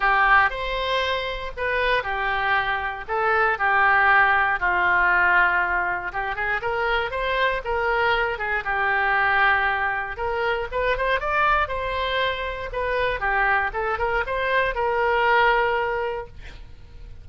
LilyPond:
\new Staff \with { instrumentName = "oboe" } { \time 4/4 \tempo 4 = 118 g'4 c''2 b'4 | g'2 a'4 g'4~ | g'4 f'2. | g'8 gis'8 ais'4 c''4 ais'4~ |
ais'8 gis'8 g'2. | ais'4 b'8 c''8 d''4 c''4~ | c''4 b'4 g'4 a'8 ais'8 | c''4 ais'2. | }